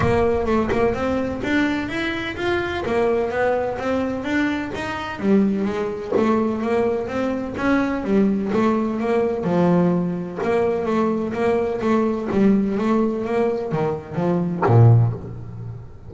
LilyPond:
\new Staff \with { instrumentName = "double bass" } { \time 4/4 \tempo 4 = 127 ais4 a8 ais8 c'4 d'4 | e'4 f'4 ais4 b4 | c'4 d'4 dis'4 g4 | gis4 a4 ais4 c'4 |
cis'4 g4 a4 ais4 | f2 ais4 a4 | ais4 a4 g4 a4 | ais4 dis4 f4 ais,4 | }